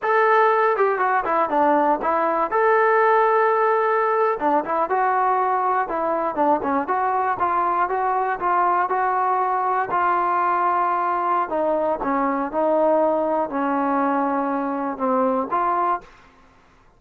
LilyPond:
\new Staff \with { instrumentName = "trombone" } { \time 4/4 \tempo 4 = 120 a'4. g'8 fis'8 e'8 d'4 | e'4 a'2.~ | a'8. d'8 e'8 fis'2 e'16~ | e'8. d'8 cis'8 fis'4 f'4 fis'16~ |
fis'8. f'4 fis'2 f'16~ | f'2. dis'4 | cis'4 dis'2 cis'4~ | cis'2 c'4 f'4 | }